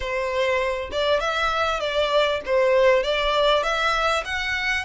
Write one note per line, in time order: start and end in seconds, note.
0.00 0.90 C5
0.91 1.20 D5
1.20 1.80 E5
1.80 2.40 D5
2.45 3.03 C5
3.03 3.63 D5
3.63 4.23 E5
4.25 4.85 F#5